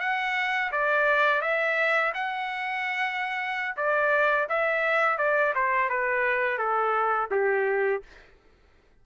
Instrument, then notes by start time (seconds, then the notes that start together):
trumpet
0.00 F#5
0.72 D5
1.41 E5
2.14 F#5
3.77 D5
4.49 E5
5.18 D5
5.55 C5
5.90 B4
6.58 A4
7.31 G4